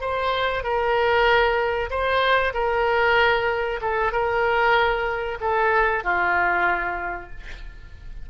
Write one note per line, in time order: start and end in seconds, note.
0.00 0.63 C5
0.63 1.89 A#4
1.89 2.53 C5
2.53 3.80 A#4
3.81 4.12 A4
4.12 5.38 A#4
5.40 6.03 A4
6.03 7.30 F4